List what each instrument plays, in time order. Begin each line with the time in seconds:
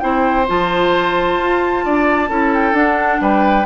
0.00 bassoon C4, clarinet E4, oboe C5, flute G5
0.47 bassoon F3, clarinet F4, flute A5
1.38 bassoon F4
1.85 bassoon D4, oboe D5
2.29 bassoon C#4, clarinet E4, oboe A4
2.54 flute G5
2.73 bassoon D4, clarinet D4, flute F#5
3.21 bassoon G3, oboe B4, flute G5